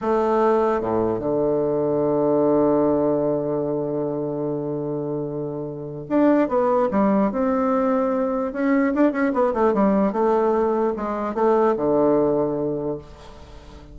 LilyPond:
\new Staff \with { instrumentName = "bassoon" } { \time 4/4 \tempo 4 = 148 a2 a,4 d4~ | d1~ | d1~ | d2. d'4 |
b4 g4 c'2~ | c'4 cis'4 d'8 cis'8 b8 a8 | g4 a2 gis4 | a4 d2. | }